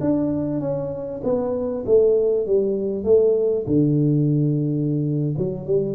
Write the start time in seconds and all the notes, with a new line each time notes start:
0.00 D4
0.60 C#4
1.23 B3
1.86 A3
2.46 G3
3.04 A3
3.66 D3
5.37 F#3
5.66 G3